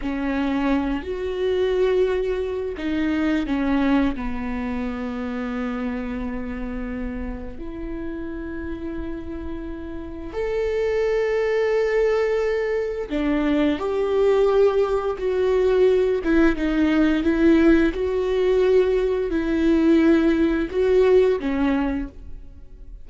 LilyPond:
\new Staff \with { instrumentName = "viola" } { \time 4/4 \tempo 4 = 87 cis'4. fis'2~ fis'8 | dis'4 cis'4 b2~ | b2. e'4~ | e'2. a'4~ |
a'2. d'4 | g'2 fis'4. e'8 | dis'4 e'4 fis'2 | e'2 fis'4 cis'4 | }